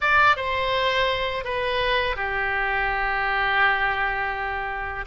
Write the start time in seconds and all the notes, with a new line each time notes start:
0.00 D5
0.36 C5
1.44 B4
2.16 G4